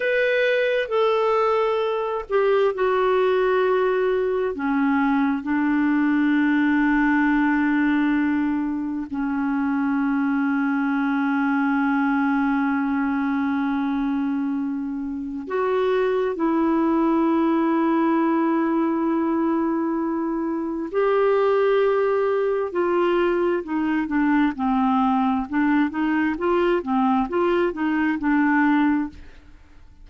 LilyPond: \new Staff \with { instrumentName = "clarinet" } { \time 4/4 \tempo 4 = 66 b'4 a'4. g'8 fis'4~ | fis'4 cis'4 d'2~ | d'2 cis'2~ | cis'1~ |
cis'4 fis'4 e'2~ | e'2. g'4~ | g'4 f'4 dis'8 d'8 c'4 | d'8 dis'8 f'8 c'8 f'8 dis'8 d'4 | }